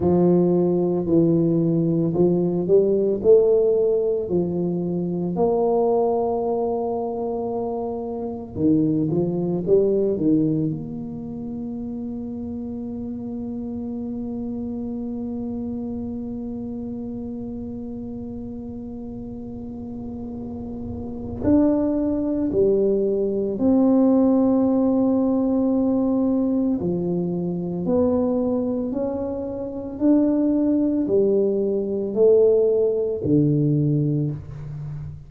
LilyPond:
\new Staff \with { instrumentName = "tuba" } { \time 4/4 \tempo 4 = 56 f4 e4 f8 g8 a4 | f4 ais2. | dis8 f8 g8 dis8 ais2~ | ais1~ |
ais1 | d'4 g4 c'2~ | c'4 f4 b4 cis'4 | d'4 g4 a4 d4 | }